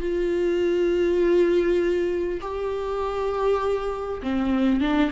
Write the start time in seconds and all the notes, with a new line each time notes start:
0.00 F4
2.41 G4
4.22 C4
4.81 D4